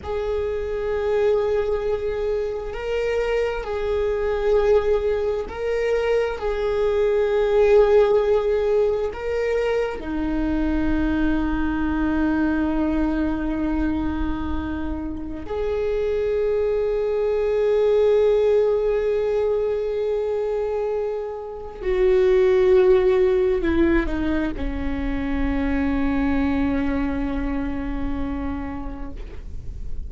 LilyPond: \new Staff \with { instrumentName = "viola" } { \time 4/4 \tempo 4 = 66 gis'2. ais'4 | gis'2 ais'4 gis'4~ | gis'2 ais'4 dis'4~ | dis'1~ |
dis'4 gis'2.~ | gis'1 | fis'2 e'8 dis'8 cis'4~ | cis'1 | }